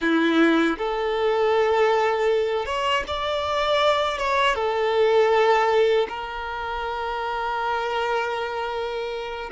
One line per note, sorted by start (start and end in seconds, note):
0.01 0.77 E4
0.78 2.65 A4
2.65 3.03 C#5
3.07 4.17 D5
4.17 4.55 C#5
4.55 6.07 A4
6.08 9.50 A#4